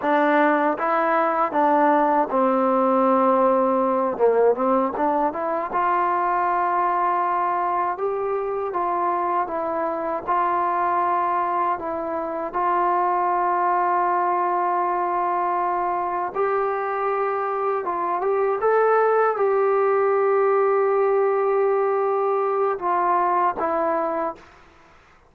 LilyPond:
\new Staff \with { instrumentName = "trombone" } { \time 4/4 \tempo 4 = 79 d'4 e'4 d'4 c'4~ | c'4. ais8 c'8 d'8 e'8 f'8~ | f'2~ f'8 g'4 f'8~ | f'8 e'4 f'2 e'8~ |
e'8 f'2.~ f'8~ | f'4. g'2 f'8 | g'8 a'4 g'2~ g'8~ | g'2 f'4 e'4 | }